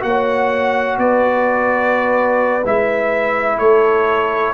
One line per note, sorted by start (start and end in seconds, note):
0.00 0.97 A#3
0.00 2.62 F#4
0.00 0.98 F#5
0.07 0.99 C#5
0.97 2.64 B3
0.97 3.59 B4
0.97 2.65 D5
2.64 3.59 G#3
2.64 4.54 E4
2.64 3.58 E5
3.58 4.54 A3
3.58 4.54 A4
3.58 4.54 C#5